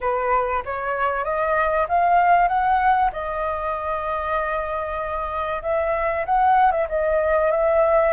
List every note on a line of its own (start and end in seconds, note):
0.00 0.63 B4
0.65 1.24 C#5
1.24 1.86 D#5
1.88 2.48 F5
2.48 3.10 F#5
3.12 5.62 D#5
5.62 6.25 E5
6.25 6.71 F#5
6.71 6.87 E5
6.88 7.51 D#5
7.51 8.13 E5